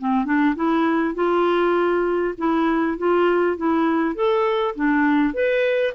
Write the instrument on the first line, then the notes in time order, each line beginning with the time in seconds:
clarinet
0.00 C4
0.26 D4
0.56 E4
1.15 F4
2.38 E4
2.98 F4
3.58 E4
4.16 A4
4.76 D4
5.34 B4